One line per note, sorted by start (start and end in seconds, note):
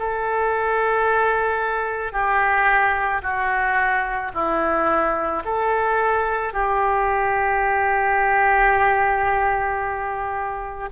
0.00 2.13 A4
2.13 3.22 G4
3.23 4.32 F#4
4.34 5.43 E4
5.45 6.54 A4
6.54 10.90 G4